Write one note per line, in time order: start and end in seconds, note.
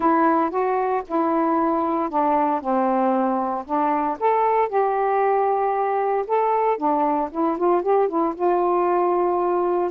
0.00 0.50 E4
0.50 1.02 F#4
1.07 2.09 E4
2.09 2.60 D4
2.60 3.65 C4
3.65 4.17 D4
4.19 4.68 A4
4.68 6.25 G4
6.27 6.77 A4
6.77 7.29 D4
7.31 7.57 E4
7.57 7.82 F4
7.82 8.08 G4
8.08 8.34 E4
8.35 9.90 F4